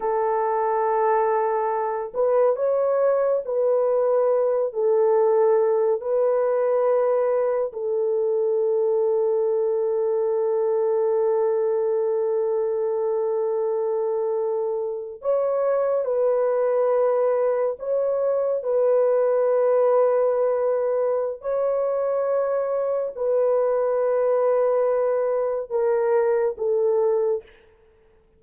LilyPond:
\new Staff \with { instrumentName = "horn" } { \time 4/4 \tempo 4 = 70 a'2~ a'8 b'8 cis''4 | b'4. a'4. b'4~ | b'4 a'2.~ | a'1~ |
a'4.~ a'16 cis''4 b'4~ b'16~ | b'8. cis''4 b'2~ b'16~ | b'4 cis''2 b'4~ | b'2 ais'4 a'4 | }